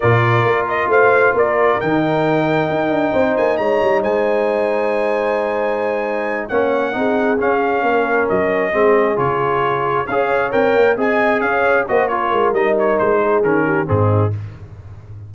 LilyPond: <<
  \new Staff \with { instrumentName = "trumpet" } { \time 4/4 \tempo 4 = 134 d''4. dis''8 f''4 d''4 | g''2.~ g''8 gis''8 | ais''4 gis''2.~ | gis''2~ gis''8 fis''4.~ |
fis''8 f''2 dis''4.~ | dis''8 cis''2 f''4 g''8~ | g''8 gis''4 f''4 dis''8 cis''4 | dis''8 cis''8 c''4 ais'4 gis'4 | }
  \new Staff \with { instrumentName = "horn" } { \time 4/4 ais'2 c''4 ais'4~ | ais'2. c''4 | cis''4 c''2.~ | c''2~ c''8 cis''4 gis'8~ |
gis'4. ais'2 gis'8~ | gis'2~ gis'8 cis''4.~ | cis''8 dis''4 cis''4 c''8 ais'4~ | ais'4. gis'4 g'8 dis'4 | }
  \new Staff \with { instrumentName = "trombone" } { \time 4/4 f'1 | dis'1~ | dis'1~ | dis'2~ dis'8 cis'4 dis'8~ |
dis'8 cis'2. c'8~ | c'8 f'2 gis'4 ais'8~ | ais'8 gis'2 fis'8 f'4 | dis'2 cis'4 c'4 | }
  \new Staff \with { instrumentName = "tuba" } { \time 4/4 ais,4 ais4 a4 ais4 | dis2 dis'8 d'8 c'8 ais8 | gis8 g8 gis2.~ | gis2~ gis8 ais4 c'8~ |
c'8 cis'4 ais4 fis4 gis8~ | gis8 cis2 cis'4 c'8 | ais8 c'4 cis'4 ais4 gis8 | g4 gis4 dis4 gis,4 | }
>>